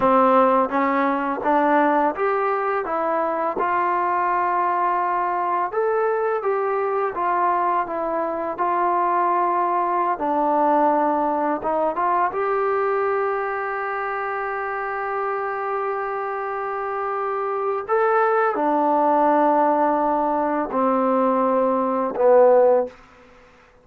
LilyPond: \new Staff \with { instrumentName = "trombone" } { \time 4/4 \tempo 4 = 84 c'4 cis'4 d'4 g'4 | e'4 f'2. | a'4 g'4 f'4 e'4 | f'2~ f'16 d'4.~ d'16~ |
d'16 dis'8 f'8 g'2~ g'8.~ | g'1~ | g'4 a'4 d'2~ | d'4 c'2 b4 | }